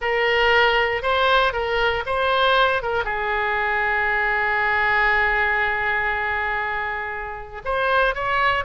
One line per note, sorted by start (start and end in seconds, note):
0.01 1.02 A#4
1.02 1.53 C5
1.53 2.03 A#4
2.06 2.82 C5
2.82 3.04 A#4
3.04 7.62 G#4
7.64 8.14 C5
8.14 8.64 C#5